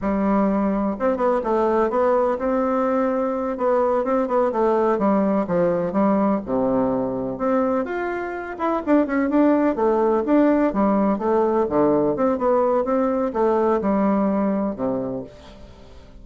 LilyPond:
\new Staff \with { instrumentName = "bassoon" } { \time 4/4 \tempo 4 = 126 g2 c'8 b8 a4 | b4 c'2~ c'8 b8~ | b8 c'8 b8 a4 g4 f8~ | f8 g4 c2 c'8~ |
c'8 f'4. e'8 d'8 cis'8 d'8~ | d'8 a4 d'4 g4 a8~ | a8 d4 c'8 b4 c'4 | a4 g2 c4 | }